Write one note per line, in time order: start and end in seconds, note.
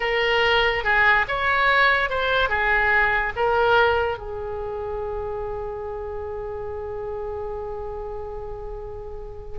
0.00 0.83 A#4
0.84 1.25 G#4
1.27 2.09 C#5
2.09 2.49 C5
2.49 3.32 G#4
3.35 4.18 A#4
4.18 9.58 G#4